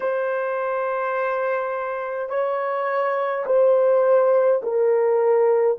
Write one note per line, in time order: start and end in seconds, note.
0.00 2.29 C5
2.29 3.44 C#5
3.46 4.61 C5
4.62 5.77 A#4